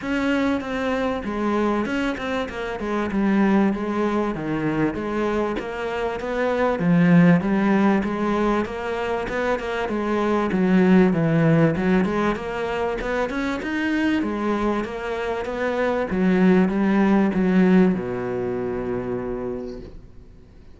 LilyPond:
\new Staff \with { instrumentName = "cello" } { \time 4/4 \tempo 4 = 97 cis'4 c'4 gis4 cis'8 c'8 | ais8 gis8 g4 gis4 dis4 | gis4 ais4 b4 f4 | g4 gis4 ais4 b8 ais8 |
gis4 fis4 e4 fis8 gis8 | ais4 b8 cis'8 dis'4 gis4 | ais4 b4 fis4 g4 | fis4 b,2. | }